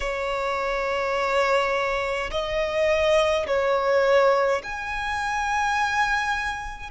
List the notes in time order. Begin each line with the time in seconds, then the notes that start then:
0.00 C#5
2.31 D#5
3.46 C#5
4.63 G#5